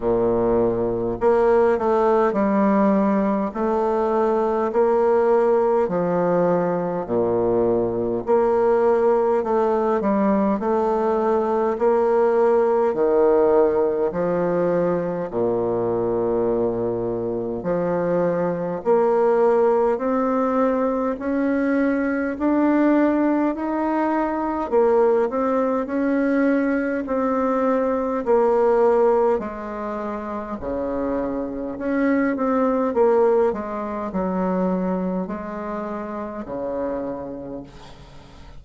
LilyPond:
\new Staff \with { instrumentName = "bassoon" } { \time 4/4 \tempo 4 = 51 ais,4 ais8 a8 g4 a4 | ais4 f4 ais,4 ais4 | a8 g8 a4 ais4 dis4 | f4 ais,2 f4 |
ais4 c'4 cis'4 d'4 | dis'4 ais8 c'8 cis'4 c'4 | ais4 gis4 cis4 cis'8 c'8 | ais8 gis8 fis4 gis4 cis4 | }